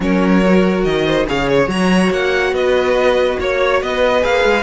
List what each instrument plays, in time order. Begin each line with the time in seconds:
0.00 cello F#3, viola C#4, violin A#4 C#5
0.45 viola F#4
0.84 cello D#3, violin D#5
1.05 violin C5
1.27 cello C#3, viola G#4, violin C#5 F5
1.48 violin C#5
1.67 cello F#3, viola F#4, violin A#5
2.10 cello A#3, violin F#5
2.52 cello B3, violin B4 D#5
3.39 cello A#3, violin C#5
3.81 cello B3, violin B4 D#5
4.20 cello A#3, viola G#4, violin F5
4.44 cello G#3